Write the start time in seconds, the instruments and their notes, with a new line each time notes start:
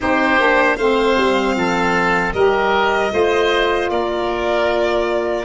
0.00 tuba C4, saxophone D#4, oboe G4, violin C5
0.39 tuba A#3, saxophone D4
0.76 tuba A3, saxophone C4, oboe C5, violin F5
1.16 tuba G3
1.55 tuba F3, oboe A4
2.33 tuba G3, saxophone G4, oboe A#4, violin D#5
3.09 tuba A3, saxophone F4, oboe C5
3.89 tuba A#3, oboe A#4, violin D5